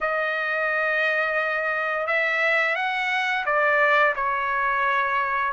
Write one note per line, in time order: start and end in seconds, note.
0.00 2.07 D#5
2.07 2.75 E5
2.75 3.44 F#5
3.45 4.14 D5
4.15 5.52 C#5